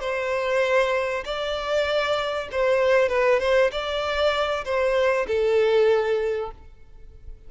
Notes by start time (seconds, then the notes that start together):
0.00 C5
1.24 D5
2.51 C5
3.08 B4
3.39 C5
3.71 D5
4.64 C5
5.27 A4